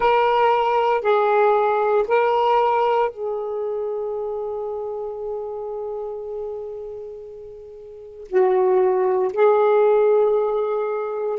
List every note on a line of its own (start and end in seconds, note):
0.00 1.01 A#4
1.01 2.04 G#4
2.07 3.10 A#4
3.10 8.27 G#4
8.28 9.31 F#4
9.33 11.39 G#4